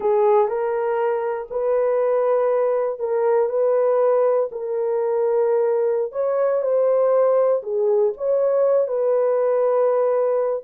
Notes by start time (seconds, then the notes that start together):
0.00 G#4
0.48 A#4
1.50 B4
2.99 A#4
3.49 B4
4.51 A#4
6.12 C#5
6.62 C5
7.62 G#4
8.17 C#5
8.88 B4